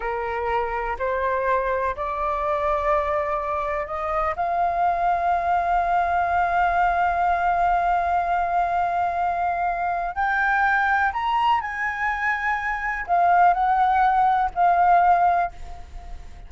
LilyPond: \new Staff \with { instrumentName = "flute" } { \time 4/4 \tempo 4 = 124 ais'2 c''2 | d''1 | dis''4 f''2.~ | f''1~ |
f''1~ | f''4 g''2 ais''4 | gis''2. f''4 | fis''2 f''2 | }